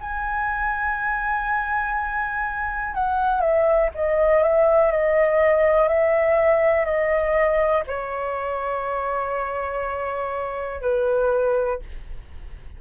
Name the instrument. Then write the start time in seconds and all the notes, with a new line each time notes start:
flute
0.00 G#5
2.94 F#5
3.40 E5
3.95 D#5
4.43 E5
4.91 D#5
5.88 E5
6.85 D#5
7.87 C#5
10.82 B4